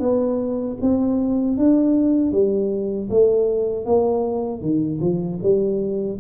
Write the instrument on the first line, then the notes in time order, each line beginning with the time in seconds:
tuba
0.00 B3
0.81 C4
1.57 D4
2.32 G3
3.10 A3
3.85 A#3
4.62 D#3
5.01 F3
5.43 G3